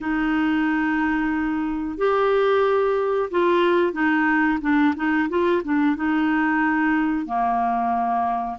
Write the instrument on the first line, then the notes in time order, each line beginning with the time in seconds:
clarinet
0.00 D#4
1.98 G4
3.30 F4
3.93 D#4
4.61 D4
4.95 D#4
5.29 F4
5.63 D4
5.96 D#4
7.25 A#3